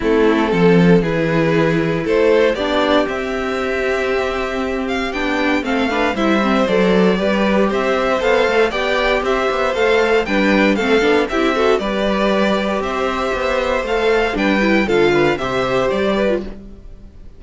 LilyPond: <<
  \new Staff \with { instrumentName = "violin" } { \time 4/4 \tempo 4 = 117 a'2 b'2 | c''4 d''4 e''2~ | e''4. f''8 g''4 f''4 | e''4 d''2 e''4 |
f''4 g''4 e''4 f''4 | g''4 f''4 e''4 d''4~ | d''4 e''2 f''4 | g''4 f''4 e''4 d''4 | }
  \new Staff \with { instrumentName = "violin" } { \time 4/4 e'4 a'4 gis'2 | a'4 g'2.~ | g'2. a'8 b'8 | c''2 b'4 c''4~ |
c''4 d''4 c''2 | b'4 a'4 g'8 a'8 b'4~ | b'4 c''2. | b'4 a'8 b'8 c''4. b'8 | }
  \new Staff \with { instrumentName = "viola" } { \time 4/4 c'2 e'2~ | e'4 d'4 c'2~ | c'2 d'4 c'8 d'8 | e'8 c'8 a'4 g'2 |
a'4 g'2 a'4 | d'4 c'8 d'8 e'8 fis'8 g'4~ | g'2. a'4 | d'8 e'8 f'4 g'4.~ g'16 f'16 | }
  \new Staff \with { instrumentName = "cello" } { \time 4/4 a4 f4 e2 | a4 b4 c'2~ | c'2 b4 a4 | g4 fis4 g4 c'4 |
b8 a8 b4 c'8 b8 a4 | g4 a8 b8 c'4 g4~ | g4 c'4 b4 a4 | g4 d4 c4 g4 | }
>>